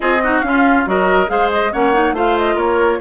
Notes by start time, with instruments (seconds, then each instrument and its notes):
0.00 bassoon C4, clarinet F4, oboe G#4, flute D#5
0.23 clarinet D#4, oboe F#4
0.40 bassoon C#4, clarinet C#4, flute F5
0.46 oboe F4
0.85 bassoon F#3, clarinet F#4, oboe A#4, flute D#5
1.27 bassoon G#3, clarinet G#4, oboe C5, flute F5
1.52 flute D#5
1.71 bassoon A#3, clarinet C#4, oboe C#5, flute F#5
1.93 clarinet D#4
2.12 bassoon A3, clarinet F4, oboe C5, flute F5
2.38 flute D#5
2.55 bassoon A#3, oboe A#4, flute C#5